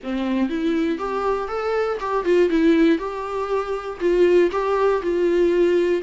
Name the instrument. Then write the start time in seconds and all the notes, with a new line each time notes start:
viola
0.03 C4
0.49 E4
0.98 G4
1.47 A4
2.00 G4
2.24 F4
2.49 E4
2.98 G4
4.00 F4
4.51 G4
5.02 F4